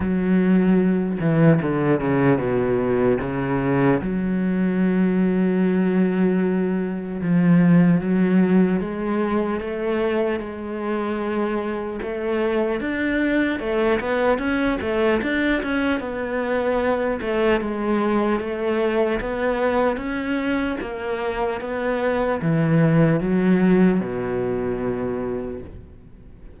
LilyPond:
\new Staff \with { instrumentName = "cello" } { \time 4/4 \tempo 4 = 75 fis4. e8 d8 cis8 b,4 | cis4 fis2.~ | fis4 f4 fis4 gis4 | a4 gis2 a4 |
d'4 a8 b8 cis'8 a8 d'8 cis'8 | b4. a8 gis4 a4 | b4 cis'4 ais4 b4 | e4 fis4 b,2 | }